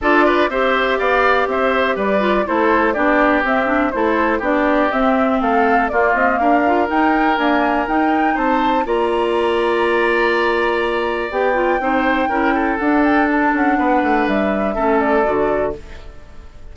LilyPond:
<<
  \new Staff \with { instrumentName = "flute" } { \time 4/4 \tempo 4 = 122 d''4 e''4 f''4 e''4 | d''4 c''4 d''4 e''4 | c''4 d''4 e''4 f''4 | d''8 dis''8 f''4 g''4 gis''4 |
g''4 a''4 ais''2~ | ais''2. g''4~ | g''2 fis''8 g''8 a''8 fis''8~ | fis''4 e''4. d''4. | }
  \new Staff \with { instrumentName = "oboe" } { \time 4/4 a'8 b'8 c''4 d''4 c''4 | b'4 a'4 g'2 | a'4 g'2 a'4 | f'4 ais'2.~ |
ais'4 c''4 d''2~ | d''1 | c''4 ais'8 a'2~ a'8 | b'2 a'2 | }
  \new Staff \with { instrumentName = "clarinet" } { \time 4/4 f'4 g'2.~ | g'8 f'8 e'4 d'4 c'8 d'8 | e'4 d'4 c'2 | ais4. f'8 dis'4 ais4 |
dis'2 f'2~ | f'2. g'8 f'8 | dis'4 e'4 d'2~ | d'2 cis'4 fis'4 | }
  \new Staff \with { instrumentName = "bassoon" } { \time 4/4 d'4 c'4 b4 c'4 | g4 a4 b4 c'4 | a4 b4 c'4 a4 | ais8 c'8 d'4 dis'4 d'4 |
dis'4 c'4 ais2~ | ais2. b4 | c'4 cis'4 d'4. cis'8 | b8 a8 g4 a4 d4 | }
>>